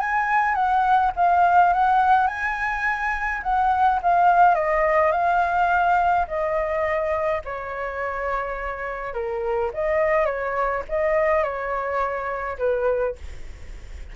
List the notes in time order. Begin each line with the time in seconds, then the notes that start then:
0.00 G#5
0.55 F#5
1.16 F5
1.73 F#5
2.27 G#5
3.43 F#5
4.02 F5
4.55 D#5
5.11 F5
6.27 D#5
7.45 C#5
9.14 A#4
9.74 D#5
10.25 C#5
10.89 D#5
11.43 C#5
12.58 B4